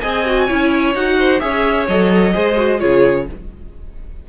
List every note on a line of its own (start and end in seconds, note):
0.00 0.50 C4
0.00 0.25 G#4
0.00 0.46 D#5
0.00 0.93 G#5
0.25 0.48 F#4
0.46 0.94 C#4
0.46 0.95 E4
0.46 1.16 C#5
0.94 1.41 D#4
0.94 1.40 F#4
0.94 1.40 F#5
1.18 1.41 C5
1.40 1.88 C#4
1.40 1.86 G#4
1.40 2.34 C#5
1.40 1.86 E5
1.88 2.34 F#3
1.88 2.32 A4
1.88 2.79 D#5
2.32 2.82 G#3
2.32 2.55 G#4
2.32 2.80 C5
2.56 2.79 F#4
2.79 3.29 C#3
2.79 3.25 F4
2.79 3.27 G#4
2.79 3.26 C#5